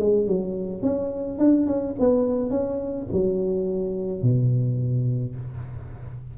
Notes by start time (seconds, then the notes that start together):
0.00 G#3
0.28 F#3
0.83 C#4
1.39 D4
1.67 C#4
2.00 B3
2.51 C#4
3.13 F#3
4.22 B2